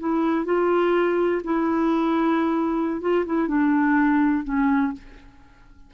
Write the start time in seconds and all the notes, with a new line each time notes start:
0.00 E4
0.46 F4
1.44 E4
3.01 F4
3.26 E4
3.48 D4
4.44 C#4